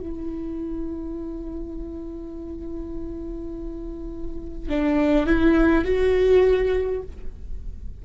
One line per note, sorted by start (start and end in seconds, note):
0.00 4.69 E4
4.69 5.26 D4
5.26 5.84 E4
5.84 7.02 F#4